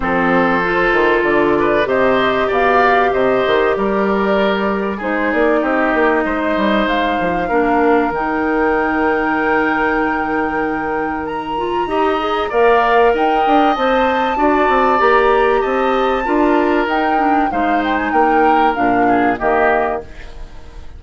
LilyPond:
<<
  \new Staff \with { instrumentName = "flute" } { \time 4/4 \tempo 4 = 96 c''2 d''4 dis''4 | f''4 dis''4 d''2 | c''8 d''8 dis''2 f''4~ | f''4 g''2.~ |
g''2 ais''2 | f''4 g''4 a''2 | ais''4 a''2 g''4 | f''8 g''16 gis''16 g''4 f''4 dis''4 | }
  \new Staff \with { instrumentName = "oboe" } { \time 4/4 a'2~ a'8 b'8 c''4 | d''4 c''4 ais'2 | gis'4 g'4 c''2 | ais'1~ |
ais'2. dis''4 | d''4 dis''2 d''4~ | d''4 dis''4 ais'2 | c''4 ais'4. gis'8 g'4 | }
  \new Staff \with { instrumentName = "clarinet" } { \time 4/4 c'4 f'2 g'4~ | g'1 | dis'1 | d'4 dis'2.~ |
dis'2~ dis'8 f'8 g'8 gis'8 | ais'2 c''4 fis'4 | g'2 f'4 dis'8 d'8 | dis'2 d'4 ais4 | }
  \new Staff \with { instrumentName = "bassoon" } { \time 4/4 f4. dis8 d4 c4 | b,4 c8 dis8 g2 | gis8 ais8 c'8 ais8 gis8 g8 gis8 f8 | ais4 dis2.~ |
dis2. dis'4 | ais4 dis'8 d'8 c'4 d'8 c'8 | ais4 c'4 d'4 dis'4 | gis4 ais4 ais,4 dis4 | }
>>